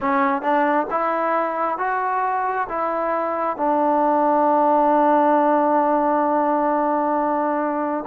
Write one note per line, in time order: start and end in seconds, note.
0.00 0.42 C#4
0.42 0.87 D4
0.90 1.78 E4
1.78 2.67 F#4
2.69 3.57 E4
3.57 8.04 D4